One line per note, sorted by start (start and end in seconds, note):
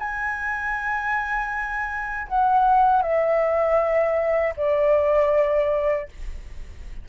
0.00 2.28 G#5
2.28 3.02 F#5
3.02 4.54 E5
4.57 6.09 D5